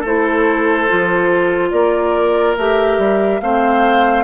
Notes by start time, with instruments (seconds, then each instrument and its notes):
0.00 bassoon A3, clarinet E4, oboe A4, flute C5
0.88 bassoon F3, clarinet F4
1.71 bassoon A#3, oboe A#4, flute D5
2.57 bassoon A3, clarinet G4, flute E5
2.98 bassoon G3
3.41 bassoon A3, clarinet C4, oboe C5, flute F5